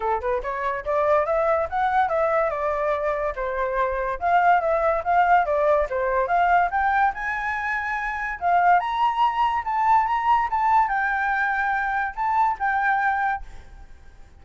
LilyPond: \new Staff \with { instrumentName = "flute" } { \time 4/4 \tempo 4 = 143 a'8 b'8 cis''4 d''4 e''4 | fis''4 e''4 d''2 | c''2 f''4 e''4 | f''4 d''4 c''4 f''4 |
g''4 gis''2. | f''4 ais''2 a''4 | ais''4 a''4 g''2~ | g''4 a''4 g''2 | }